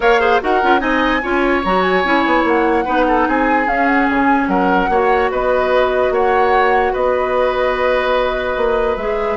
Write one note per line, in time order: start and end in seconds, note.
0.00 0.40 A#3
0.00 0.19 A#4
0.00 0.20 C#5
0.00 0.41 F5
0.19 0.39 G#4
0.19 0.41 C5
0.41 0.63 D#4
0.41 0.61 F#4
0.41 0.80 A#4
0.41 0.79 F#5
0.62 0.81 C#4
0.62 0.78 F4
0.78 1.22 C4
0.78 1.19 D#4
0.78 1.21 D#5
0.78 1.61 G#5
1.22 1.64 C#4
1.22 1.63 F4
1.22 2.84 C#5
1.64 2.04 F#3
1.64 2.04 F#4
1.64 1.81 A#5
1.81 2.43 G#5
2.04 2.25 C#4
2.04 2.85 E4
2.25 2.43 B3
2.43 2.84 A#3
2.43 3.27 F#5
2.84 3.28 B3
2.84 3.66 D#4
2.84 3.05 B4
3.07 3.28 A4
3.27 3.67 C4
3.27 4.49 G#4
3.27 3.68 G#5
3.67 4.08 C#4
3.67 4.90 C#4
3.67 3.87 F5
3.87 4.07 F#5
4.09 4.47 C#3
4.09 4.48 G#5
4.47 4.88 F#3
4.47 4.90 A#4
4.47 5.30 F#5
4.88 5.29 A#3
4.88 8.98 F#4
4.88 5.31 C#5
5.31 6.10 B3
5.31 6.12 B4
5.31 6.13 D#5
6.10 6.92 A#3
6.10 6.93 C#5
6.10 6.94 F#5
6.93 8.56 B3
6.93 9.36 B4
6.93 8.96 D#5
8.56 8.96 A#3
8.96 9.36 G#3
8.96 9.36 G#4
8.96 9.36 E5